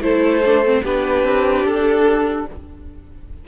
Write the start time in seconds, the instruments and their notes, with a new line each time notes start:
0.00 cello A3, viola E4, violin A4 C5
0.44 viola D4
0.64 viola C4
0.83 cello B3, viola D4, violin G4 B4
1.23 cello C4
1.64 cello D4, violin A4